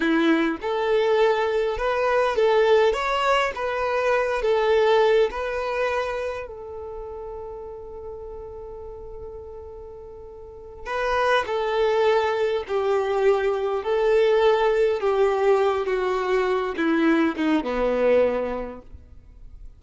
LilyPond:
\new Staff \with { instrumentName = "violin" } { \time 4/4 \tempo 4 = 102 e'4 a'2 b'4 | a'4 cis''4 b'4. a'8~ | a'4 b'2 a'4~ | a'1~ |
a'2~ a'8 b'4 a'8~ | a'4. g'2 a'8~ | a'4. g'4. fis'4~ | fis'8 e'4 dis'8 b2 | }